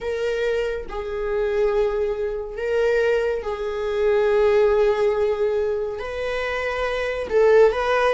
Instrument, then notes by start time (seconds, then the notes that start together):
viola
0.00 A#4
0.88 G#4
2.56 A#4
3.42 G#4
5.99 B4
7.29 A4
7.71 B4